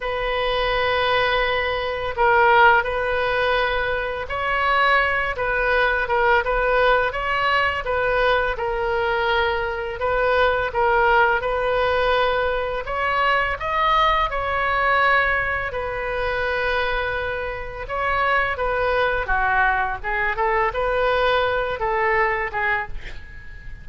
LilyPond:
\new Staff \with { instrumentName = "oboe" } { \time 4/4 \tempo 4 = 84 b'2. ais'4 | b'2 cis''4. b'8~ | b'8 ais'8 b'4 cis''4 b'4 | ais'2 b'4 ais'4 |
b'2 cis''4 dis''4 | cis''2 b'2~ | b'4 cis''4 b'4 fis'4 | gis'8 a'8 b'4. a'4 gis'8 | }